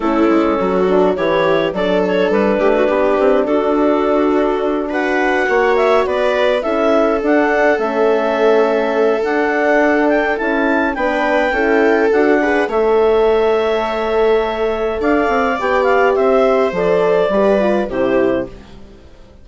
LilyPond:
<<
  \new Staff \with { instrumentName = "clarinet" } { \time 4/4 \tempo 4 = 104 a'2 cis''4 d''8 cis''8 | b'2 a'2~ | a'8 fis''4. e''8 d''4 e''8~ | e''8 fis''4 e''2~ e''8 |
fis''4. g''8 a''4 g''4~ | g''4 fis''4 e''2~ | e''2 f''4 g''8 f''8 | e''4 d''2 c''4 | }
  \new Staff \with { instrumentName = "viola" } { \time 4/4 e'4 fis'4 g'4 a'4~ | a'8 g'16 fis'16 g'4 fis'2~ | fis'8 b'4 cis''4 b'4 a'8~ | a'1~ |
a'2. b'4 | a'4. b'8 cis''2~ | cis''2 d''2 | c''2 b'4 g'4 | }
  \new Staff \with { instrumentName = "horn" } { \time 4/4 cis'4. d'8 e'4 d'4~ | d'1~ | d'8 fis'2. e'8~ | e'8 d'4 cis'2~ cis'8 |
d'2 e'4 d'4 | e'4 fis'8 gis'8 a'2~ | a'2. g'4~ | g'4 a'4 g'8 f'8 e'4 | }
  \new Staff \with { instrumentName = "bassoon" } { \time 4/4 a8 gis8 fis4 e4 fis4 | g8 a8 b8 c'8 d'2~ | d'4. ais4 b4 cis'8~ | cis'8 d'4 a2~ a8 |
d'2 cis'4 b4 | cis'4 d'4 a2~ | a2 d'8 c'8 b4 | c'4 f4 g4 c4 | }
>>